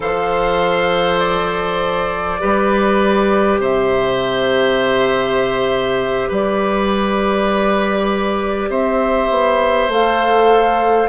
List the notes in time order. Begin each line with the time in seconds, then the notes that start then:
0.00 F3 A4 C5 F5
1.19 D5
2.39 G3 G4 B4
3.58 C3 C5 E5
6.28 G3 B4 D5
8.69 C4 C5 E5
9.29 B3
9.88 A3 A4 F5